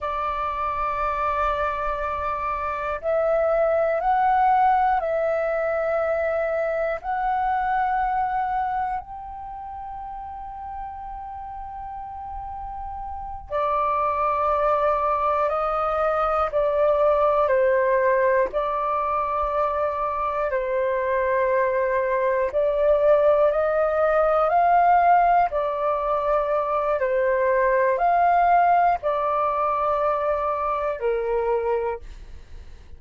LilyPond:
\new Staff \with { instrumentName = "flute" } { \time 4/4 \tempo 4 = 60 d''2. e''4 | fis''4 e''2 fis''4~ | fis''4 g''2.~ | g''4. d''2 dis''8~ |
dis''8 d''4 c''4 d''4.~ | d''8 c''2 d''4 dis''8~ | dis''8 f''4 d''4. c''4 | f''4 d''2 ais'4 | }